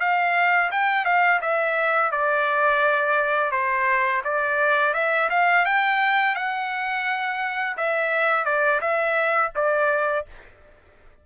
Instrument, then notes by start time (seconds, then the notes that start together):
trumpet
0.00 F5
0.71 G5
1.05 F5
1.41 E5
2.11 D5
3.52 C5
4.24 D5
4.93 E5
5.30 F5
5.65 G5
6.36 F#5
7.77 E5
8.45 D5
8.81 E5
9.55 D5